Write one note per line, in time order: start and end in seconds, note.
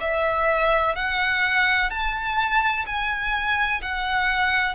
0.00 0.95 E5
0.95 1.90 F#5
1.90 2.85 A5
2.86 3.81 G#5
3.81 4.74 F#5